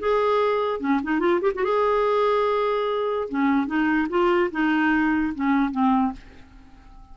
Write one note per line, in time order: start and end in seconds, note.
0.00 0.80 G#4
0.80 1.01 C#4
1.04 1.20 D#4
1.20 1.40 F4
1.42 1.52 G4
1.55 1.64 F#4
1.64 3.29 G#4
3.29 3.67 C#4
3.67 4.08 D#4
4.10 4.51 F4
4.51 5.34 D#4
5.35 5.72 C#4
5.72 6.13 C4